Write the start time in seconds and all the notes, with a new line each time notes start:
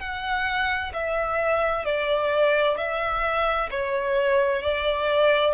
0.00 F#5
0.94 E5
1.85 D5
2.78 E5
3.71 C#5
4.62 D5